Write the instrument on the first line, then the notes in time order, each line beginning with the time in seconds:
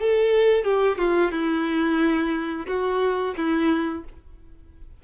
violin
0.00 A4
0.65 G4
0.98 F4
1.32 E4
2.68 F#4
3.37 E4